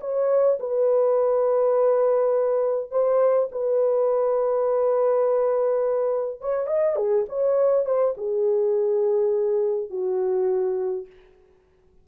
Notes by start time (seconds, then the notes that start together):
0.00 C#5
0.59 B4
2.90 C5
3.51 B4
6.41 C#5
6.66 D#5
6.96 G#4
7.28 C#5
7.85 C5
8.17 G#4
9.90 F#4